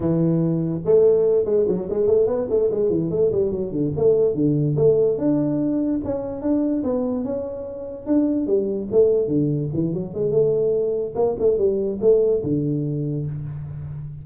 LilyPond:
\new Staff \with { instrumentName = "tuba" } { \time 4/4 \tempo 4 = 145 e2 a4. gis8 | fis8 gis8 a8 b8 a8 gis8 e8 a8 | g8 fis8 d8 a4 d4 a8~ | a8 d'2 cis'4 d'8~ |
d'8 b4 cis'2 d'8~ | d'8 g4 a4 d4 e8 | fis8 gis8 a2 ais8 a8 | g4 a4 d2 | }